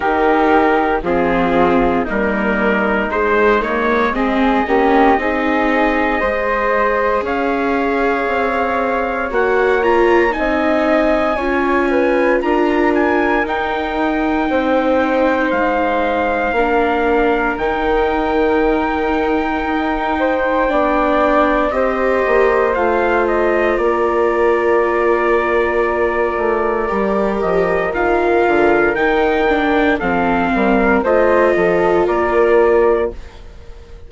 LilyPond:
<<
  \new Staff \with { instrumentName = "trumpet" } { \time 4/4 \tempo 4 = 58 ais'4 gis'4 ais'4 c''8 cis''8 | dis''2. f''4~ | f''4 fis''8 ais''8 gis''2 | ais''8 gis''8 g''2 f''4~ |
f''4 g''2.~ | g''4 dis''4 f''8 dis''8 d''4~ | d''2~ d''8 dis''8 f''4 | g''4 f''4 dis''4 d''4 | }
  \new Staff \with { instrumentName = "flute" } { \time 4/4 g'4 f'4 dis'2 | gis'8 g'8 gis'4 c''4 cis''4~ | cis''2 dis''4 cis''8 b'8 | ais'2 c''2 |
ais'2.~ ais'8 c''8 | d''4 c''2 ais'4~ | ais'1~ | ais'4 a'8 ais'8 c''8 a'8 ais'4 | }
  \new Staff \with { instrumentName = "viola" } { \time 4/4 dis'4 c'4 ais4 gis8 ais8 | c'8 cis'8 dis'4 gis'2~ | gis'4 fis'8 f'8 dis'4 f'4~ | f'4 dis'2. |
d'4 dis'2. | d'4 g'4 f'2~ | f'2 g'4 f'4 | dis'8 d'8 c'4 f'2 | }
  \new Staff \with { instrumentName = "bassoon" } { \time 4/4 dis4 f4 g4 gis4~ | gis8 ais8 c'4 gis4 cis'4 | c'4 ais4 c'4 cis'4 | d'4 dis'4 c'4 gis4 |
ais4 dis2 dis'4 | b4 c'8 ais8 a4 ais4~ | ais4. a8 g8 f8 dis8 d8 | dis4 f8 g8 a8 f8 ais4 | }
>>